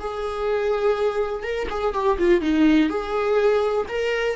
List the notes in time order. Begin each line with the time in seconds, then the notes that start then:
0.00 G#4
1.43 A#4
1.70 G#4
1.94 G4
2.18 F4
2.42 D#4
2.90 G#4
3.89 A#4